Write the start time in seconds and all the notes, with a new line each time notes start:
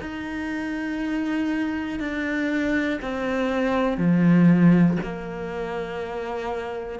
0.00 D#4
2.00 D4
3.01 C4
3.97 F3
5.02 A#3